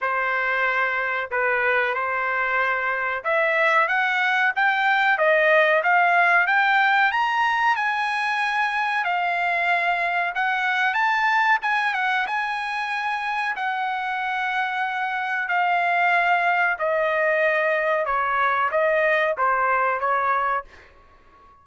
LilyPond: \new Staff \with { instrumentName = "trumpet" } { \time 4/4 \tempo 4 = 93 c''2 b'4 c''4~ | c''4 e''4 fis''4 g''4 | dis''4 f''4 g''4 ais''4 | gis''2 f''2 |
fis''4 a''4 gis''8 fis''8 gis''4~ | gis''4 fis''2. | f''2 dis''2 | cis''4 dis''4 c''4 cis''4 | }